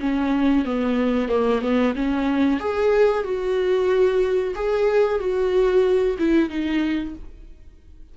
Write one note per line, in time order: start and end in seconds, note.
0.00 0.65 C#4
0.65 1.29 B3
1.29 1.62 A#3
1.62 1.94 B3
1.95 2.60 C#4
2.60 3.24 G#4
3.24 4.54 F#4
4.55 5.19 G#4
5.19 6.17 F#4
6.19 6.50 E4
6.50 7.15 D#4